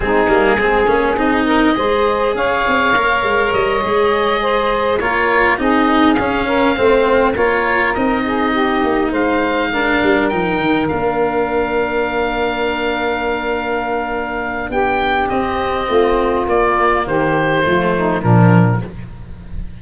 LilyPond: <<
  \new Staff \with { instrumentName = "oboe" } { \time 4/4 \tempo 4 = 102 gis'2 dis''2 | f''2 dis''2~ | dis''8 cis''4 dis''4 f''4.~ | f''8 cis''4 dis''2 f''8~ |
f''4. g''4 f''4.~ | f''1~ | f''4 g''4 dis''2 | d''4 c''2 ais'4 | }
  \new Staff \with { instrumentName = "saxophone" } { \time 4/4 dis'4 gis'4. ais'8 c''4 | cis''2.~ cis''8 c''8~ | c''8 ais'4 gis'4. ais'8 c''8~ | c''8 ais'4. gis'8 g'4 c''8~ |
c''8 ais'2.~ ais'8~ | ais'1~ | ais'4 g'2 f'4~ | f'4 g'4 f'8 dis'8 d'4 | }
  \new Staff \with { instrumentName = "cello" } { \time 4/4 c'8 ais8 c'8 cis'8 dis'4 gis'4~ | gis'4 ais'4. gis'4.~ | gis'8 f'4 dis'4 cis'4 c'8~ | c'8 f'4 dis'2~ dis'8~ |
dis'8 d'4 dis'4 d'4.~ | d'1~ | d'2 c'2 | ais2 a4 f4 | }
  \new Staff \with { instrumentName = "tuba" } { \time 4/4 gis8 g8 gis8 ais8 c'4 gis4 | cis'8 c'8 ais8 gis8 g8 gis4.~ | gis8 ais4 c'4 cis'4 a8~ | a8 ais4 c'4. ais8 gis8~ |
gis4 g8 f8 dis8 ais4.~ | ais1~ | ais4 b4 c'4 a4 | ais4 dis4 f4 ais,4 | }
>>